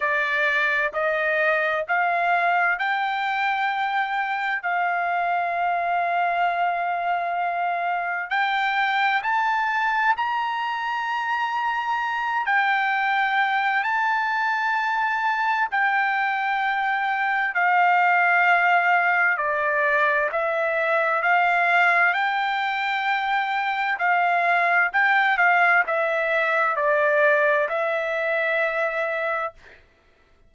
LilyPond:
\new Staff \with { instrumentName = "trumpet" } { \time 4/4 \tempo 4 = 65 d''4 dis''4 f''4 g''4~ | g''4 f''2.~ | f''4 g''4 a''4 ais''4~ | ais''4. g''4. a''4~ |
a''4 g''2 f''4~ | f''4 d''4 e''4 f''4 | g''2 f''4 g''8 f''8 | e''4 d''4 e''2 | }